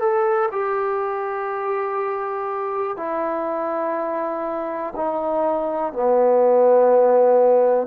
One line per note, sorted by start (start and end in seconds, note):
0.00 0.49 A4
0.51 2.97 G4
2.97 4.94 E4
4.96 5.93 D#4
5.93 7.87 B3